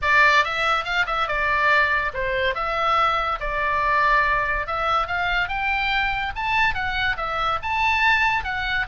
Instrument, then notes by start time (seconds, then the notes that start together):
oboe
0.02 D5
0.44 E5
0.84 F5
1.06 E5
1.27 D5
2.13 C5
2.54 E5
3.40 D5
4.66 E5
5.07 F5
5.48 G5
6.35 A5
6.74 F#5
7.16 E5
7.62 A5
8.44 F#5